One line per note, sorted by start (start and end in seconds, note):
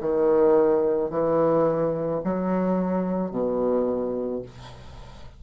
0.00 1.10 D#3
1.10 2.21 E3
2.24 3.31 F#3
3.31 4.42 B2